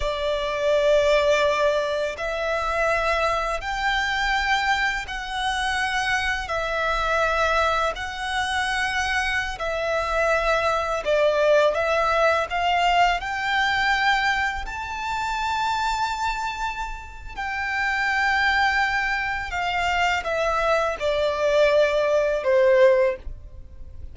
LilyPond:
\new Staff \with { instrumentName = "violin" } { \time 4/4 \tempo 4 = 83 d''2. e''4~ | e''4 g''2 fis''4~ | fis''4 e''2 fis''4~ | fis''4~ fis''16 e''2 d''8.~ |
d''16 e''4 f''4 g''4.~ g''16~ | g''16 a''2.~ a''8. | g''2. f''4 | e''4 d''2 c''4 | }